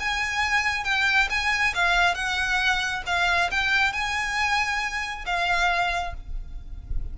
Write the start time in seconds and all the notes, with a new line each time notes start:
0.00 G#5
0.85 G5
1.30 G#5
1.75 F5
2.15 F#5
3.07 F5
3.51 G5
3.93 G#5
5.26 F5